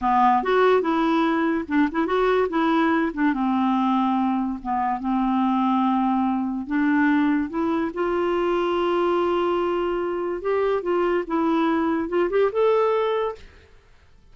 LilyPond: \new Staff \with { instrumentName = "clarinet" } { \time 4/4 \tempo 4 = 144 b4 fis'4 e'2 | d'8 e'8 fis'4 e'4. d'8 | c'2. b4 | c'1 |
d'2 e'4 f'4~ | f'1~ | f'4 g'4 f'4 e'4~ | e'4 f'8 g'8 a'2 | }